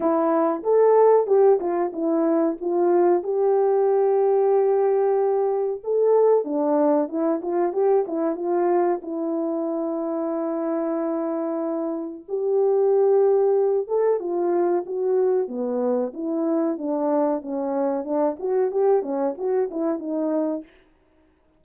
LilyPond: \new Staff \with { instrumentName = "horn" } { \time 4/4 \tempo 4 = 93 e'4 a'4 g'8 f'8 e'4 | f'4 g'2.~ | g'4 a'4 d'4 e'8 f'8 | g'8 e'8 f'4 e'2~ |
e'2. g'4~ | g'4. a'8 f'4 fis'4 | b4 e'4 d'4 cis'4 | d'8 fis'8 g'8 cis'8 fis'8 e'8 dis'4 | }